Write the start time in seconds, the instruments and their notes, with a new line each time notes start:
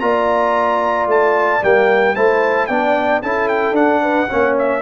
0.00 tuba A#3, trombone F4, horn D5, trumpet A#5
1.07 tuba A3, trumpet A5
1.62 tuba G3, trombone A#3, trumpet G5
2.16 tuba A3, trombone E4, horn C5, trumpet A5
2.67 tuba B3, trombone D4, horn D5, trumpet G5
3.22 tuba C#4, trombone E4, horn A4, trumpet A5
3.48 trumpet G5
3.72 tuba D4, trombone D4, trumpet F#5
4.02 horn B4
4.29 tuba A#3, trombone C#4, horn C#5
4.59 trumpet E5